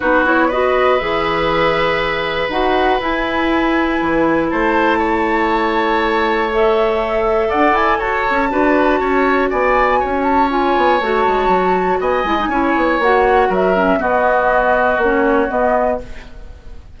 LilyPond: <<
  \new Staff \with { instrumentName = "flute" } { \time 4/4 \tempo 4 = 120 b'8 cis''8 dis''4 e''2~ | e''4 fis''4 gis''2~ | gis''4 a''2.~ | a''4 e''2 fis''8 gis''8 |
a''2. gis''4~ | gis''8 a''8 gis''4 a''2 | gis''2 fis''4 e''4 | dis''2 cis''4 dis''4 | }
  \new Staff \with { instrumentName = "oboe" } { \time 4/4 fis'4 b'2.~ | b'1~ | b'4 c''4 cis''2~ | cis''2. d''4 |
cis''4 b'4 cis''4 d''4 | cis''1 | dis''4 cis''2 ais'4 | fis'1 | }
  \new Staff \with { instrumentName = "clarinet" } { \time 4/4 dis'8 e'8 fis'4 gis'2~ | gis'4 fis'4 e'2~ | e'1~ | e'4 a'2.~ |
a'4 fis'2.~ | fis'4 f'4 fis'2~ | fis'8 e'16 dis'16 e'4 fis'4. cis'8 | b2 cis'4 b4 | }
  \new Staff \with { instrumentName = "bassoon" } { \time 4/4 b2 e2~ | e4 dis'4 e'2 | e4 a2.~ | a2. d'8 e'8 |
fis'8 cis'8 d'4 cis'4 b4 | cis'4. b8 a8 gis8 fis4 | b8 gis8 cis'8 b8 ais4 fis4 | b2 ais4 b4 | }
>>